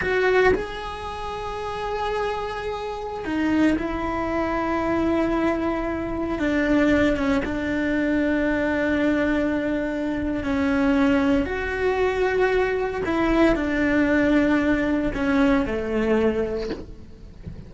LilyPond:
\new Staff \with { instrumentName = "cello" } { \time 4/4 \tempo 4 = 115 fis'4 gis'2.~ | gis'2~ gis'16 dis'4 e'8.~ | e'1~ | e'16 d'4. cis'8 d'4.~ d'16~ |
d'1 | cis'2 fis'2~ | fis'4 e'4 d'2~ | d'4 cis'4 a2 | }